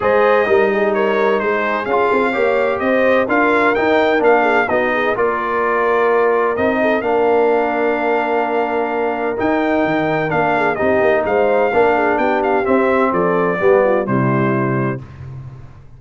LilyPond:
<<
  \new Staff \with { instrumentName = "trumpet" } { \time 4/4 \tempo 4 = 128 dis''2 cis''4 c''4 | f''2 dis''4 f''4 | g''4 f''4 dis''4 d''4~ | d''2 dis''4 f''4~ |
f''1 | g''2 f''4 dis''4 | f''2 g''8 f''8 e''4 | d''2 c''2 | }
  \new Staff \with { instrumentName = "horn" } { \time 4/4 c''4 ais'8 gis'8 ais'4 gis'4~ | gis'4 cis''4 c''4 ais'4~ | ais'4. gis'8 fis'8 gis'8 ais'4~ | ais'2~ ais'8 a'8 ais'4~ |
ais'1~ | ais'2~ ais'8 gis'8 g'4 | c''4 ais'8 gis'8 g'2 | a'4 g'8 f'8 e'2 | }
  \new Staff \with { instrumentName = "trombone" } { \time 4/4 gis'4 dis'2. | f'4 g'2 f'4 | dis'4 d'4 dis'4 f'4~ | f'2 dis'4 d'4~ |
d'1 | dis'2 d'4 dis'4~ | dis'4 d'2 c'4~ | c'4 b4 g2 | }
  \new Staff \with { instrumentName = "tuba" } { \time 4/4 gis4 g2 gis4 | cis'8 c'8 ais4 c'4 d'4 | dis'4 ais4 b4 ais4~ | ais2 c'4 ais4~ |
ais1 | dis'4 dis4 ais4 c'8 ais8 | gis4 ais4 b4 c'4 | f4 g4 c2 | }
>>